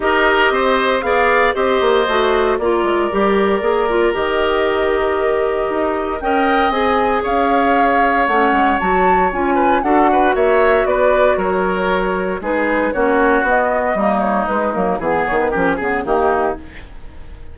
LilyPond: <<
  \new Staff \with { instrumentName = "flute" } { \time 4/4 \tempo 4 = 116 dis''2 f''4 dis''4~ | dis''4 d''2. | dis''1 | g''4 gis''4 f''2 |
fis''4 a''4 gis''4 fis''4 | e''4 d''4 cis''2 | b'4 cis''4 dis''4. cis''8 | b'8 ais'8 gis'8 cis''16 b'16 ais'8 gis'8 g'4 | }
  \new Staff \with { instrumentName = "oboe" } { \time 4/4 ais'4 c''4 d''4 c''4~ | c''4 ais'2.~ | ais'1 | dis''2 cis''2~ |
cis''2~ cis''8 b'8 a'8 b'8 | cis''4 b'4 ais'2 | gis'4 fis'2 dis'4~ | dis'4 gis'4 g'8 gis'8 dis'4 | }
  \new Staff \with { instrumentName = "clarinet" } { \time 4/4 g'2 gis'4 g'4 | fis'4 f'4 g'4 gis'8 f'8 | g'1 | ais'4 gis'2. |
cis'4 fis'4 f'4 fis'4~ | fis'1 | dis'4 cis'4 b4 ais4 | gis8 ais8 b4 cis'8 b8 ais4 | }
  \new Staff \with { instrumentName = "bassoon" } { \time 4/4 dis'4 c'4 b4 c'8 ais8 | a4 ais8 gis8 g4 ais4 | dis2. dis'4 | cis'4 c'4 cis'2 |
a8 gis8 fis4 cis'4 d'4 | ais4 b4 fis2 | gis4 ais4 b4 g4 | gis8 fis8 e8 dis8 f8 cis8 dis4 | }
>>